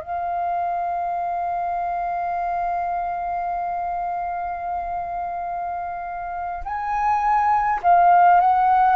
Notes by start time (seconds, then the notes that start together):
0.00 F5
6.65 G#5
7.83 F5
8.40 F#5